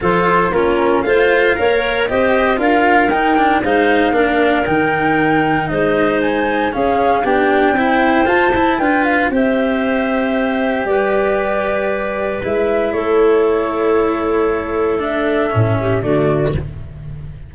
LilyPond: <<
  \new Staff \with { instrumentName = "flute" } { \time 4/4 \tempo 4 = 116 c''4 ais'4 f''2 | dis''4 f''4 g''4 f''4~ | f''4 g''2 dis''4 | gis''4 f''4 g''2 |
a''4 g''8 f''8 e''2~ | e''4 d''2. | e''4 cis''2.~ | cis''4 e''2 d''4 | }
  \new Staff \with { instrumentName = "clarinet" } { \time 4/4 a'4 f'4 c''4 cis''4 | c''4 ais'2 c''4 | ais'2. c''4~ | c''4 gis'4 g'4 c''4~ |
c''4 b'4 c''2~ | c''4 b'2.~ | b'4 a'2.~ | a'2~ a'8 g'8 fis'4 | }
  \new Staff \with { instrumentName = "cello" } { \time 4/4 f'4 cis'4 f'4 ais'4 | g'4 f'4 dis'8 d'8 dis'4 | d'4 dis'2.~ | dis'4 cis'4 d'4 e'4 |
f'8 e'8 f'4 g'2~ | g'1 | e'1~ | e'4 d'4 cis'4 a4 | }
  \new Staff \with { instrumentName = "tuba" } { \time 4/4 f4 ais4 a4 ais4 | c'4 d'4 dis'4 gis4 | ais4 dis2 gis4~ | gis4 cis'4 b4 c'4 |
f'8 e'8 d'4 c'2~ | c'4 g2. | gis4 a2.~ | a2 a,4 d4 | }
>>